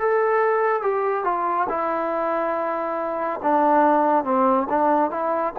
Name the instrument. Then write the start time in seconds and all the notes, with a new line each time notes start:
trombone
0.00 A4
0.82 G4
1.25 F4
1.69 E4
3.43 D4
4.25 C4
4.70 D4
5.11 E4